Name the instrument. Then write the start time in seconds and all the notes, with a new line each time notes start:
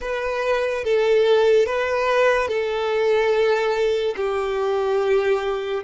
violin
0.00 B4
0.84 A4
1.66 B4
2.48 A4
4.16 G4